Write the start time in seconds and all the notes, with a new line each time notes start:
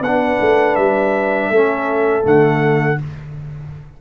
0.00 B3 B4 F#5
0.06 D4
0.40 A3
0.75 G3 E5
1.49 A3 C#4 A4
2.21 D3 A3 F#5